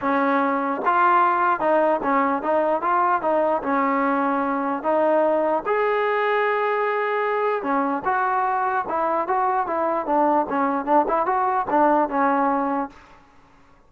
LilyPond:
\new Staff \with { instrumentName = "trombone" } { \time 4/4 \tempo 4 = 149 cis'2 f'2 | dis'4 cis'4 dis'4 f'4 | dis'4 cis'2. | dis'2 gis'2~ |
gis'2. cis'4 | fis'2 e'4 fis'4 | e'4 d'4 cis'4 d'8 e'8 | fis'4 d'4 cis'2 | }